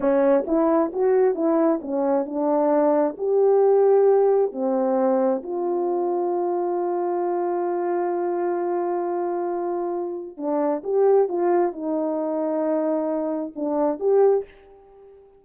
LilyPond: \new Staff \with { instrumentName = "horn" } { \time 4/4 \tempo 4 = 133 cis'4 e'4 fis'4 e'4 | cis'4 d'2 g'4~ | g'2 c'2 | f'1~ |
f'1~ | f'2. d'4 | g'4 f'4 dis'2~ | dis'2 d'4 g'4 | }